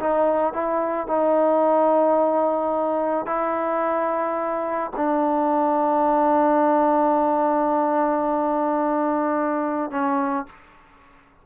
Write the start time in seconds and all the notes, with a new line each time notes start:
0.00 D#4
0.54 E4
1.07 D#4
3.26 E4
4.97 D4
9.91 C#4